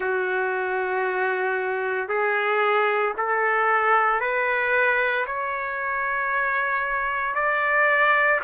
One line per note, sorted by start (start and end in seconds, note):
0.00 2.08 F#4
2.08 3.13 G#4
3.17 4.20 A4
4.20 5.25 B4
5.26 7.34 C#5
7.34 8.39 D5